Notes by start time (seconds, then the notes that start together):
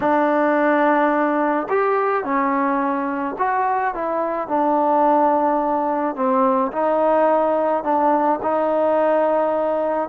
0.00 D4
1.69 G4
2.24 C#4
3.38 F#4
3.94 E4
4.48 D4
6.15 C4
6.72 D#4
7.83 D4
8.42 D#4